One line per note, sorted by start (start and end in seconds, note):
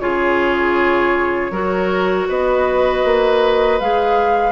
0.00 1.51 C#3
0.00 1.52 F4
0.00 1.52 G#4
0.00 2.28 C#5
1.51 2.27 F#3
1.51 3.80 F#4
1.51 2.28 A#4
2.29 3.04 B3
2.29 4.52 B4
2.29 3.80 D#5
3.04 3.80 A#3
3.80 4.52 G#3
3.80 4.52 G#4
3.80 4.52 F5